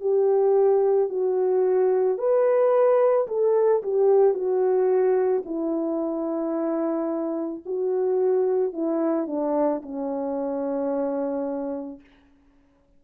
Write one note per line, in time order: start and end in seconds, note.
0.00 1.09 G4
1.09 2.18 F#4
2.18 3.27 B4
3.27 3.82 A4
3.83 4.34 G4
4.34 5.43 F#4
5.45 7.63 E4
7.65 8.72 F#4
8.72 9.27 E4
9.27 9.81 D4
9.82 12.00 C#4